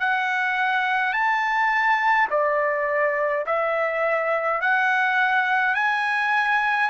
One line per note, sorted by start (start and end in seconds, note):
0.00 1.13 F#5
1.13 2.28 A5
2.30 3.46 D5
3.46 4.61 E5
4.61 5.74 F#5
5.74 6.90 G#5